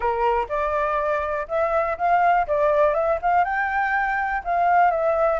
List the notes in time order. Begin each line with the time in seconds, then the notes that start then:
0.00 A#4
0.49 D5
1.48 E5
1.97 F5
2.47 D5
2.94 E5
3.22 F5
3.44 G5
4.44 F5
4.90 E5